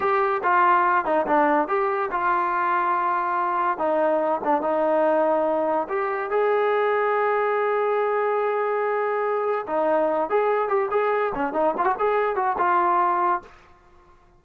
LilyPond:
\new Staff \with { instrumentName = "trombone" } { \time 4/4 \tempo 4 = 143 g'4 f'4. dis'8 d'4 | g'4 f'2.~ | f'4 dis'4. d'8 dis'4~ | dis'2 g'4 gis'4~ |
gis'1~ | gis'2. dis'4~ | dis'8 gis'4 g'8 gis'4 cis'8 dis'8 | f'16 fis'16 gis'4 fis'8 f'2 | }